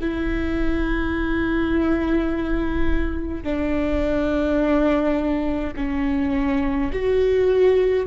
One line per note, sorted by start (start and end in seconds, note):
0.00 3.43 E4
3.43 5.74 D4
5.76 6.91 C#4
6.92 8.06 F#4